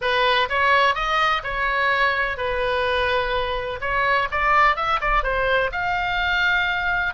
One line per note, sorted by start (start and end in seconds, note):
0.01 0.48 B4
0.49 0.94 C#5
0.94 1.42 D#5
1.43 2.37 C#5
2.37 3.79 B4
3.81 4.28 C#5
4.31 4.76 D5
4.76 5.00 E5
5.01 5.23 D5
5.23 5.71 C5
5.72 7.13 F5